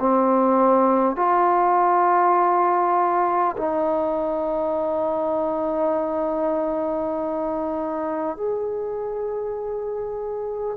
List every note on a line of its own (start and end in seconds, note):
0.00 1.17 C4
1.17 3.57 F4
3.58 8.37 D#4
8.37 10.77 G#4